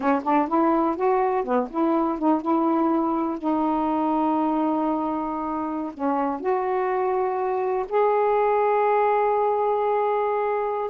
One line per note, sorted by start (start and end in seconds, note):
0.00 0.21 C#4
0.23 0.48 D4
0.48 0.96 E4
0.96 1.44 F#4
1.44 1.68 B3
1.70 2.18 E4
2.18 2.41 D#4
2.41 3.38 E4
3.38 5.92 D#4
5.93 6.40 C#4
6.40 7.85 F#4
7.88 10.90 G#4